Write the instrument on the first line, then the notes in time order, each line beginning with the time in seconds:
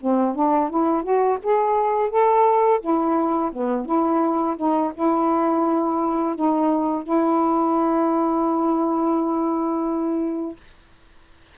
saxophone
0.00 C4
0.34 D4
0.70 E4
1.03 F#4
1.43 G#4
2.09 A4
2.80 E4
3.52 B3
3.85 E4
4.56 D#4
4.94 E4
6.35 D#4
7.03 E4